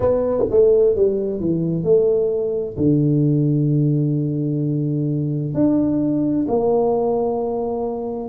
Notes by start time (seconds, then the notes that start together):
0.00 B3
0.50 A3
0.95 G3
1.39 E3
1.83 A3
2.77 D3
5.54 D4
6.47 A#3